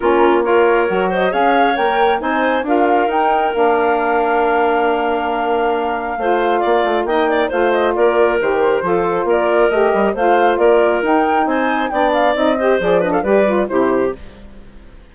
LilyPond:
<<
  \new Staff \with { instrumentName = "flute" } { \time 4/4 \tempo 4 = 136 ais'4 cis''4. dis''8 f''4 | g''4 gis''4 f''4 g''4 | f''1~ | f''1 |
g''4 f''8 dis''8 d''4 c''4~ | c''4 d''4 dis''4 f''4 | d''4 g''4 gis''4 g''8 f''8 | dis''4 d''8 dis''16 f''16 d''4 c''4 | }
  \new Staff \with { instrumentName = "clarinet" } { \time 4/4 f'4 ais'4. c''8 cis''4~ | cis''4 c''4 ais'2~ | ais'1~ | ais'2 c''4 d''4 |
dis''8 d''8 c''4 ais'2 | a'4 ais'2 c''4 | ais'2 c''4 d''4~ | d''8 c''4 b'16 a'16 b'4 g'4 | }
  \new Staff \with { instrumentName = "saxophone" } { \time 4/4 cis'4 f'4 fis'4 gis'4 | ais'4 dis'4 f'4 dis'4 | d'1~ | d'2 f'2 |
dis'4 f'2 g'4 | f'2 g'4 f'4~ | f'4 dis'2 d'4 | dis'8 g'8 gis'8 d'8 g'8 f'8 e'4 | }
  \new Staff \with { instrumentName = "bassoon" } { \time 4/4 ais2 fis4 cis'4 | ais4 c'4 d'4 dis'4 | ais1~ | ais2 a4 ais8 a8 |
ais4 a4 ais4 dis4 | f4 ais4 a8 g8 a4 | ais4 dis'4 c'4 b4 | c'4 f4 g4 c4 | }
>>